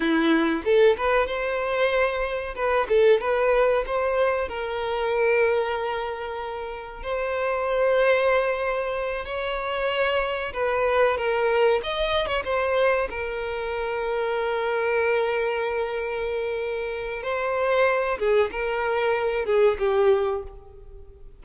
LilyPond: \new Staff \with { instrumentName = "violin" } { \time 4/4 \tempo 4 = 94 e'4 a'8 b'8 c''2 | b'8 a'8 b'4 c''4 ais'4~ | ais'2. c''4~ | c''2~ c''8 cis''4.~ |
cis''8 b'4 ais'4 dis''8. cis''16 c''8~ | c''8 ais'2.~ ais'8~ | ais'2. c''4~ | c''8 gis'8 ais'4. gis'8 g'4 | }